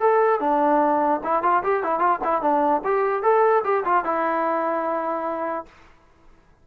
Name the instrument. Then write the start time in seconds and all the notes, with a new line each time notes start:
trombone
0.00 A4
0.40 D4
1.24 E4
1.43 F4
1.63 G4
1.83 E4
1.99 F4
2.24 E4
2.41 D4
2.84 G4
3.23 A4
3.64 G4
3.85 F4
4.04 E4